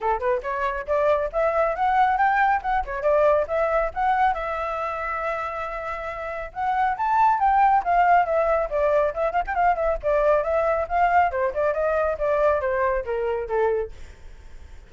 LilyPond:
\new Staff \with { instrumentName = "flute" } { \time 4/4 \tempo 4 = 138 a'8 b'8 cis''4 d''4 e''4 | fis''4 g''4 fis''8 cis''8 d''4 | e''4 fis''4 e''2~ | e''2. fis''4 |
a''4 g''4 f''4 e''4 | d''4 e''8 f''16 g''16 f''8 e''8 d''4 | e''4 f''4 c''8 d''8 dis''4 | d''4 c''4 ais'4 a'4 | }